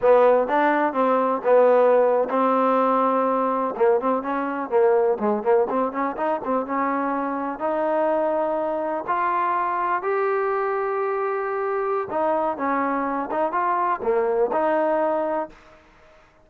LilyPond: \new Staff \with { instrumentName = "trombone" } { \time 4/4 \tempo 4 = 124 b4 d'4 c'4 b4~ | b8. c'2. ais16~ | ais16 c'8 cis'4 ais4 gis8 ais8 c'16~ | c'16 cis'8 dis'8 c'8 cis'2 dis'16~ |
dis'2~ dis'8. f'4~ f'16~ | f'8. g'2.~ g'16~ | g'4 dis'4 cis'4. dis'8 | f'4 ais4 dis'2 | }